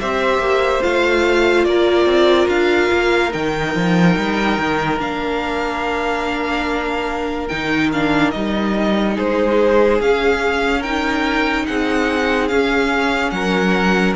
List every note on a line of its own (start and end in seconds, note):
0.00 0.39 C4
0.00 0.82 G4
0.00 1.67 C5
0.00 0.83 E5
0.39 0.80 A#3
0.82 1.66 A3
0.82 3.31 F4
0.82 1.65 F5
1.65 2.06 A#3
1.65 9.15 A#4
1.65 2.48 D5
2.06 2.47 C4
2.48 2.90 D4
2.48 3.32 F5
2.92 3.34 A#3
3.31 3.75 D#3
3.31 4.98 D#4
3.31 5.00 G5
3.75 4.17 F3
4.17 4.58 G3
4.58 4.99 D#3
4.98 7.49 A#3
4.98 7.48 D4
4.98 7.48 F5
7.48 8.35 D#3
7.48 7.93 D#4
7.48 7.90 G5
7.93 8.34 D4
7.93 8.31 F5
8.31 9.18 G3
8.31 10.01 D#4
8.31 9.15 D#5
9.15 10.01 G#3
9.15 10.81 G#4
9.15 10.01 C5
10.01 11.67 C#4
10.01 10.85 C#4
10.01 10.83 F5
10.81 12.50 D#4
10.81 11.64 A#4
10.81 11.66 G5
11.66 12.51 C4
11.66 13.34 G#4
11.66 12.48 F#5
12.48 14.16 C#4
12.48 13.32 C#4
12.48 13.31 F5
13.31 14.15 F#3
13.31 14.16 A#4
13.31 14.14 F#5